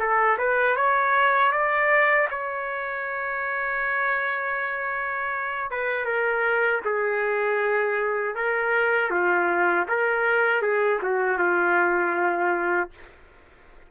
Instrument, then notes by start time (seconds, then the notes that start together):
trumpet
0.00 A4
0.38 B4
0.76 C#5
1.52 D5
2.31 C#5
5.71 B4
6.06 A#4
6.85 G#4
8.35 A#4
9.11 F4
9.89 A#4
10.62 G#4
11.03 F#4
11.39 F4